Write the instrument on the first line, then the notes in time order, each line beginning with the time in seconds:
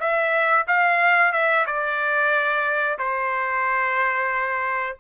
trumpet
0.00 E5
0.68 F5
1.32 E5
1.66 D5
2.99 C5